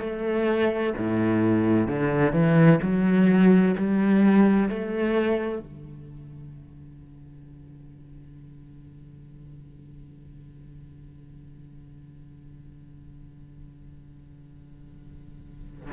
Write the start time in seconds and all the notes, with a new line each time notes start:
0.00 A3
0.98 A2
1.87 D3
2.33 E3
2.82 F#3
3.77 G3
4.69 A3
5.59 D3